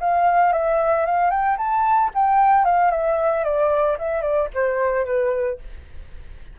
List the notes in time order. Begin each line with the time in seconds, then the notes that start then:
0.00 F5
0.52 E5
1.05 F5
1.30 G5
1.58 A5
2.14 G5
2.65 F5
2.91 E5
3.44 D5
3.98 E5
4.22 D5
4.54 C5
5.05 B4